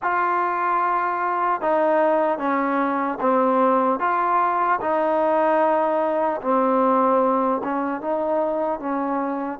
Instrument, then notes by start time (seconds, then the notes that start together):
trombone
0.02 F4
1.61 D#4
2.38 C#4
3.20 C4
3.99 F4
4.80 D#4
6.41 C4
7.63 C#4
8.01 D#4
8.79 C#4